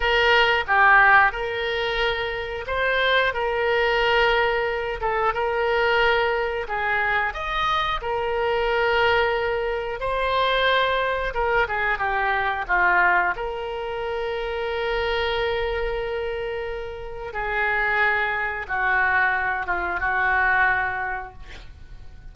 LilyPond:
\new Staff \with { instrumentName = "oboe" } { \time 4/4 \tempo 4 = 90 ais'4 g'4 ais'2 | c''4 ais'2~ ais'8 a'8 | ais'2 gis'4 dis''4 | ais'2. c''4~ |
c''4 ais'8 gis'8 g'4 f'4 | ais'1~ | ais'2 gis'2 | fis'4. f'8 fis'2 | }